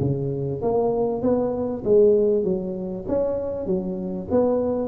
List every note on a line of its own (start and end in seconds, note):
0.00 0.61 C#3
0.62 1.22 A#3
1.22 1.83 B3
1.84 2.44 G#3
2.44 3.05 F#3
3.08 3.66 C#4
3.66 4.27 F#3
4.31 4.88 B3